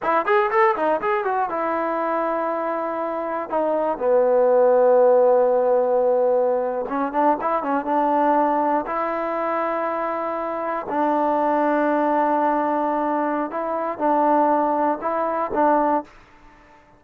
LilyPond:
\new Staff \with { instrumentName = "trombone" } { \time 4/4 \tempo 4 = 120 e'8 gis'8 a'8 dis'8 gis'8 fis'8 e'4~ | e'2. dis'4 | b1~ | b4.~ b16 cis'8 d'8 e'8 cis'8 d'16~ |
d'4.~ d'16 e'2~ e'16~ | e'4.~ e'16 d'2~ d'16~ | d'2. e'4 | d'2 e'4 d'4 | }